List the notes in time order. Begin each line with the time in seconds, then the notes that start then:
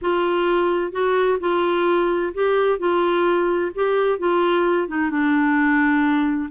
0.01 F4
0.92 F#4
1.40 F4
2.33 G4
2.78 F4
3.74 G4
4.18 F4
4.87 D#4
5.10 D4